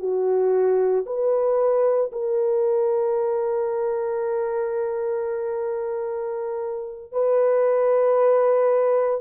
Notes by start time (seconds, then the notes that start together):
0.00 F#4
1.06 B4
2.12 A#4
7.12 B4